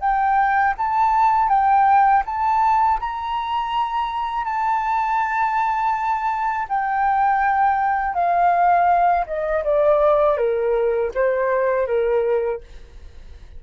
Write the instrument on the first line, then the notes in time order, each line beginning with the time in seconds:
flute
0.00 G5
0.78 A5
1.49 G5
2.26 A5
3.00 A#5
4.45 A5
6.69 G5
8.14 F5
9.27 D#5
9.64 D5
10.37 A#4
11.15 C5
11.87 A#4